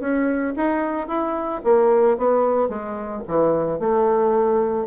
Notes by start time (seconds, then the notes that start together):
0.00 C#4
0.56 D#4
1.07 E4
1.64 A#3
2.17 B3
2.69 G#3
3.28 E3
3.80 A3